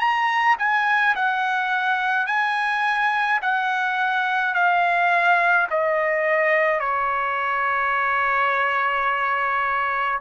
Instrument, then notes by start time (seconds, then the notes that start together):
trumpet
0.00 A#5
0.59 G#5
1.15 F#5
2.26 G#5
3.42 F#5
4.54 F5
5.70 D#5
6.80 C#5